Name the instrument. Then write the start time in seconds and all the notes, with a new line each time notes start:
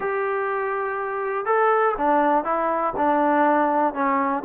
trombone
0.00 G4
1.45 A4
1.97 D4
2.44 E4
2.96 D4
3.94 C#4